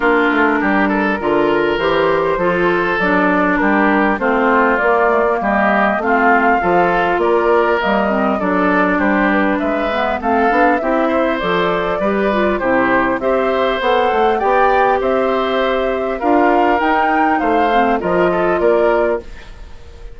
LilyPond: <<
  \new Staff \with { instrumentName = "flute" } { \time 4/4 \tempo 4 = 100 ais'2. c''4~ | c''4 d''4 ais'4 c''4 | d''4 dis''4 f''2 | d''4 dis''4 d''4 c''8 b'8 |
e''4 f''4 e''4 d''4~ | d''4 c''4 e''4 fis''4 | g''4 e''2 f''4 | g''4 f''4 dis''4 d''4 | }
  \new Staff \with { instrumentName = "oboe" } { \time 4/4 f'4 g'8 a'8 ais'2 | a'2 g'4 f'4~ | f'4 g'4 f'4 a'4 | ais'2 a'4 g'4 |
b'4 a'4 g'8 c''4. | b'4 g'4 c''2 | d''4 c''2 ais'4~ | ais'4 c''4 ais'8 a'8 ais'4 | }
  \new Staff \with { instrumentName = "clarinet" } { \time 4/4 d'2 f'4 g'4 | f'4 d'2 c'4 | ais8 a16 ais4~ ais16 c'4 f'4~ | f'4 ais8 c'8 d'2~ |
d'8 b8 c'8 d'8 e'4 a'4 | g'8 f'8 e'4 g'4 a'4 | g'2. f'4 | dis'4. c'8 f'2 | }
  \new Staff \with { instrumentName = "bassoon" } { \time 4/4 ais8 a8 g4 d4 e4 | f4 fis4 g4 a4 | ais4 g4 a4 f4 | ais4 g4 fis4 g4 |
gis4 a8 b8 c'4 f4 | g4 c4 c'4 b8 a8 | b4 c'2 d'4 | dis'4 a4 f4 ais4 | }
>>